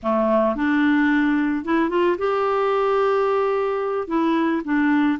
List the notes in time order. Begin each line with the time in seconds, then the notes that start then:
0.02 A3
0.55 D4
1.65 E4
1.89 F4
2.18 G4
4.07 E4
4.64 D4